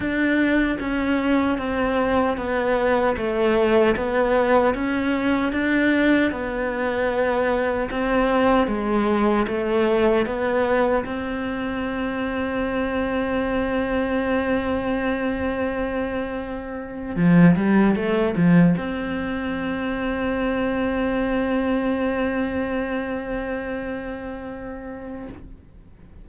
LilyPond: \new Staff \with { instrumentName = "cello" } { \time 4/4 \tempo 4 = 76 d'4 cis'4 c'4 b4 | a4 b4 cis'4 d'4 | b2 c'4 gis4 | a4 b4 c'2~ |
c'1~ | c'4.~ c'16 f8 g8 a8 f8 c'16~ | c'1~ | c'1 | }